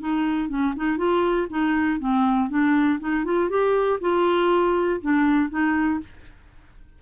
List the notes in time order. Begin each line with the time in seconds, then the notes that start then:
0.00 D#4
0.49 C#4
0.76 D#4
0.97 F4
1.50 D#4
1.99 C4
2.49 D4
3.00 D#4
3.25 F4
3.49 G4
4.01 F4
5.01 D4
5.50 D#4